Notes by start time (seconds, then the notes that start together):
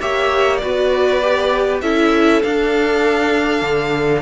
0.00 A#3 G4 C#5 E5
0.57 B3 F#4 B4 D5
1.21 G4
1.81 C#4 E4 A4 E5
2.42 D4 F5
3.61 D3